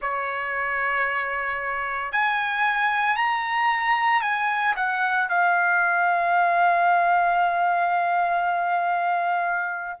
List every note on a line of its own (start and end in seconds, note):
0.01 2.11 C#5
2.11 3.16 G#5
3.16 4.21 A#5
4.21 4.74 G#5
4.76 5.28 F#5
5.29 10.00 F5